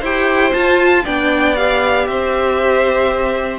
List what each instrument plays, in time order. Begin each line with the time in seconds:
0.00 cello E4, viola G4, violin C5 G5
0.52 viola F4, cello F4, violin A5
1.04 cello B3, viola D4, violin D5 G5
1.56 viola G4, violin F5
2.07 cello C4, violin C5 E5